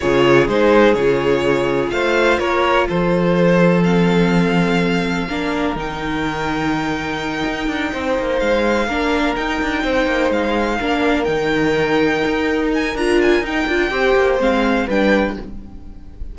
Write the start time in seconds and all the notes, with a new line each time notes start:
0.00 C#3 F4 G#4 C#5
0.48 G#3 D#4 C5
0.94 C#3 F4 C#5
1.90 A3 C5 F5
2.38 A#3 A#4 C#5
2.88 F3 A4 C5
3.83 C4 F5
5.28 A#3 D4 A#4
5.75 D#3 D#4 G5
7.45 D#4
7.67 D4
7.92 C4 C5
8.19 A#3
8.39 G#3 F5
8.87 A#3 D4 A#4
9.35 D#4 G5
9.62 D4
9.83 C4 C5
10.05 A#3
10.30 G#3 F5
10.78 A#3 D4 A#4
11.24 D#3 D#4 G5
12.26 D#4
12.73 G#5
12.94 D4 F4 A#5
13.21 G#5
13.40 D#4 G5
13.66 D4 F4
13.90 C4 G4 C5
14.15 A#3
14.39 G#3 C4 F5
14.86 G3 D4 B4 G5